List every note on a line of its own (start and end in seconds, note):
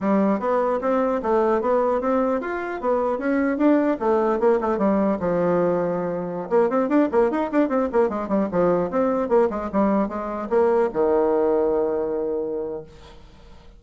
0.01 0.39 G3
0.39 0.79 B3
0.81 1.21 C4
1.22 1.61 A3
1.61 2.00 B3
2.00 2.40 C4
2.40 2.80 F4
2.80 3.18 B3
3.18 3.57 C#4
3.57 3.97 D4
3.99 4.39 A3
4.39 4.59 A#3
4.61 4.77 A3
4.77 5.17 G3
5.19 6.49 F3
6.49 6.69 A#3
6.69 6.88 C4
6.88 7.08 D4
7.11 7.30 A#3
7.30 7.50 D#4
7.51 7.68 D4
7.68 7.88 C4
7.92 8.09 A#3
8.09 8.28 G#3
8.28 8.48 G3
8.51 8.90 F3
8.90 9.28 C4
9.28 9.48 A#3
9.49 9.69 G#3
9.72 10.08 G3
10.08 10.48 G#3
10.49 10.89 A#3
10.93 12.83 D#3